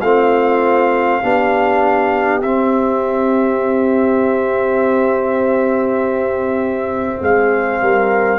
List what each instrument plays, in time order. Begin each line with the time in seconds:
0.00 tuba A3, trombone C4, horn F4, trumpet F5
1.22 tuba B3, trombone D4, horn G4
2.41 tuba C4, trombone C4, trumpet E5
7.21 tuba G#3, horn G#4, trumpet F5
7.81 tuba G3, horn A#4